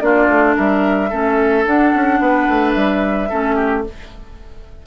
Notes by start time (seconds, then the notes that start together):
0.00 A#3 D4 F4 D5
0.28 A3
0.56 G3 A#4 E5
1.10 A3 C#4 A4
1.65 D4 F#5
1.95 C#4
2.20 B3 B4
2.49 A3
2.72 G3 E5
3.29 A3 C#4 A4
3.55 G4